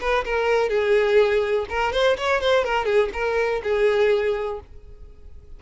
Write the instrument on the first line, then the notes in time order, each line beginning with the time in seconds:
violin
0.00 B4
0.24 A#4
0.69 G#4
1.69 A#4
1.92 C5
2.17 C#5
2.40 C5
2.64 A#4
2.85 G#4
3.13 A#4
3.63 G#4